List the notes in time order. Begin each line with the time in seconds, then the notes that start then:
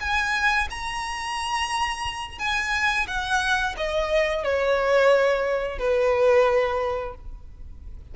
0.00 G#5
0.70 A#5
2.38 G#5
3.07 F#5
3.77 D#5
4.43 C#5
5.78 B4